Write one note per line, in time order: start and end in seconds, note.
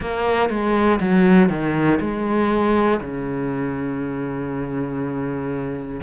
0.00 0.49 A#3
0.49 0.99 G#3
1.00 1.49 F#3
1.49 1.99 D#3
2.00 3.00 G#3
3.00 6.00 C#3